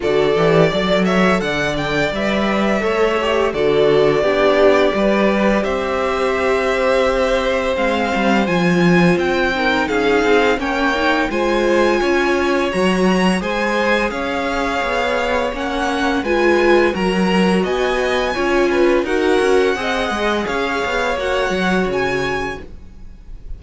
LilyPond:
<<
  \new Staff \with { instrumentName = "violin" } { \time 4/4 \tempo 4 = 85 d''4. e''8 fis''8 g''8 e''4~ | e''4 d''2. | e''2. f''4 | gis''4 g''4 f''4 g''4 |
gis''2 ais''4 gis''4 | f''2 fis''4 gis''4 | ais''4 gis''2 fis''4~ | fis''4 f''4 fis''4 gis''4 | }
  \new Staff \with { instrumentName = "violin" } { \time 4/4 a'4 d''8 cis''8 d''2 | cis''4 a'4 g'4 b'4 | c''1~ | c''4. ais'8 gis'4 cis''4 |
c''4 cis''2 c''4 | cis''2. b'4 | ais'4 dis''4 cis''8 b'8 ais'4 | dis''4 cis''2. | }
  \new Staff \with { instrumentName = "viola" } { \time 4/4 fis'8 g'8 a'2 b'4 | a'8 g'8 fis'4 d'4 g'4~ | g'2. c'4 | f'4. dis'4. cis'8 dis'8 |
f'2 fis'4 gis'4~ | gis'2 cis'4 f'4 | fis'2 f'4 fis'4 | gis'2 fis'2 | }
  \new Staff \with { instrumentName = "cello" } { \time 4/4 d8 e8 fis4 d4 g4 | a4 d4 b4 g4 | c'2. gis8 g8 | f4 c'4 cis'8 c'8 ais4 |
gis4 cis'4 fis4 gis4 | cis'4 b4 ais4 gis4 | fis4 b4 cis'4 dis'8 cis'8 | c'8 gis8 cis'8 b8 ais8 fis8 cis4 | }
>>